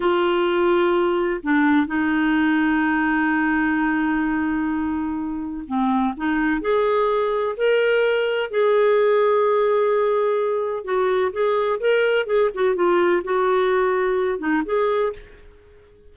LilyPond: \new Staff \with { instrumentName = "clarinet" } { \time 4/4 \tempo 4 = 127 f'2. d'4 | dis'1~ | dis'1 | c'4 dis'4 gis'2 |
ais'2 gis'2~ | gis'2. fis'4 | gis'4 ais'4 gis'8 fis'8 f'4 | fis'2~ fis'8 dis'8 gis'4 | }